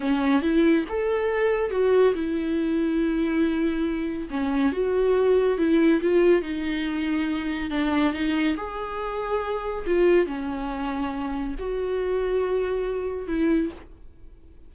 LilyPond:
\new Staff \with { instrumentName = "viola" } { \time 4/4 \tempo 4 = 140 cis'4 e'4 a'2 | fis'4 e'2.~ | e'2 cis'4 fis'4~ | fis'4 e'4 f'4 dis'4~ |
dis'2 d'4 dis'4 | gis'2. f'4 | cis'2. fis'4~ | fis'2. e'4 | }